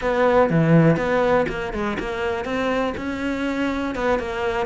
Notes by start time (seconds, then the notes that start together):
0.01 B3
0.50 E3
0.97 B3
1.48 A#3
1.73 G#3
1.99 A#3
2.45 C4
2.97 C#4
3.95 B3
4.19 A#3